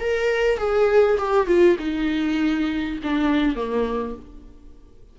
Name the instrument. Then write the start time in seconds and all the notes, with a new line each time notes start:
viola
0.00 A#4
0.58 G#4
1.18 G4
1.47 F4
1.79 D#4
3.03 D4
3.56 A#3